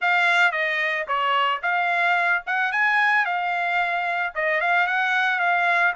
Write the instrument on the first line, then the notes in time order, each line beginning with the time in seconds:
trumpet
0.01 F5
0.51 D#5
1.07 C#5
1.62 F5
2.46 F#5
2.71 G#5
3.25 F5
4.35 D#5
4.60 F5
4.86 F#5
5.39 F5